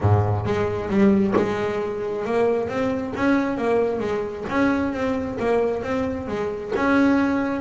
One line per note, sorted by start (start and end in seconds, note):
0.00 0.45 G#2
0.45 0.89 G#3
0.89 1.34 G3
1.36 2.25 G#3
2.25 2.69 A#3
2.69 3.13 C4
3.15 3.57 C#4
3.57 3.99 A#3
3.99 4.44 G#3
4.49 4.93 C#4
4.93 5.38 C4
5.39 5.82 A#3
5.82 6.27 C4
6.27 6.72 G#3
6.75 7.61 C#4